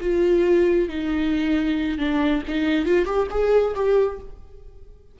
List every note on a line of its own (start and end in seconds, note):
0.00 0.88 F4
0.88 1.98 D#4
1.98 2.42 D4
2.47 2.85 D#4
2.85 3.05 F4
3.05 3.27 G4
3.30 3.74 G#4
3.75 4.19 G4